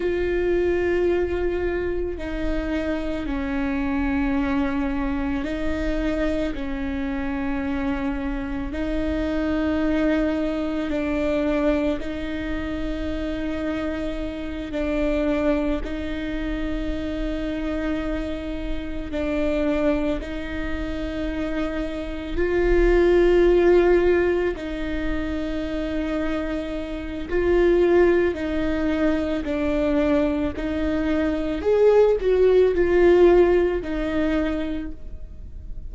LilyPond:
\new Staff \with { instrumentName = "viola" } { \time 4/4 \tempo 4 = 55 f'2 dis'4 cis'4~ | cis'4 dis'4 cis'2 | dis'2 d'4 dis'4~ | dis'4. d'4 dis'4.~ |
dis'4. d'4 dis'4.~ | dis'8 f'2 dis'4.~ | dis'4 f'4 dis'4 d'4 | dis'4 gis'8 fis'8 f'4 dis'4 | }